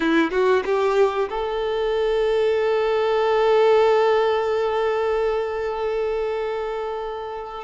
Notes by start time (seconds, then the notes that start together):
0.00 E4
0.31 F#4
0.65 G4
1.29 A4